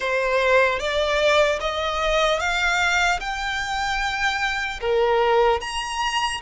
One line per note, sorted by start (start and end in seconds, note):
0.00 0.79 C5
0.79 1.59 D5
1.60 2.39 D#5
2.39 3.19 F5
3.20 4.80 G5
4.80 5.60 A#4
5.60 6.40 A#5